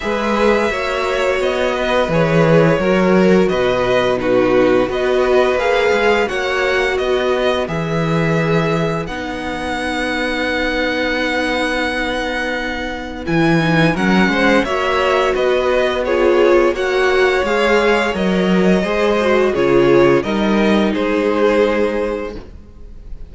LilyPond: <<
  \new Staff \with { instrumentName = "violin" } { \time 4/4 \tempo 4 = 86 e''2 dis''4 cis''4~ | cis''4 dis''4 b'4 dis''4 | f''4 fis''4 dis''4 e''4~ | e''4 fis''2.~ |
fis''2. gis''4 | fis''4 e''4 dis''4 cis''4 | fis''4 f''4 dis''2 | cis''4 dis''4 c''2 | }
  \new Staff \with { instrumentName = "violin" } { \time 4/4 b'4 cis''4. b'4. | ais'4 b'4 fis'4 b'4~ | b'4 cis''4 b'2~ | b'1~ |
b'1 | ais'8 c''8 cis''4 b'4 gis'4 | cis''2. c''4 | gis'4 ais'4 gis'2 | }
  \new Staff \with { instrumentName = "viola" } { \time 4/4 gis'4 fis'2 gis'4 | fis'2 dis'4 fis'4 | gis'4 fis'2 gis'4~ | gis'4 dis'2.~ |
dis'2. e'8 dis'8 | cis'4 fis'2 f'4 | fis'4 gis'4 ais'4 gis'8 fis'8 | f'4 dis'2. | }
  \new Staff \with { instrumentName = "cello" } { \time 4/4 gis4 ais4 b4 e4 | fis4 b,2 b4 | ais8 gis8 ais4 b4 e4~ | e4 b2.~ |
b2. e4 | fis8 gis8 ais4 b2 | ais4 gis4 fis4 gis4 | cis4 g4 gis2 | }
>>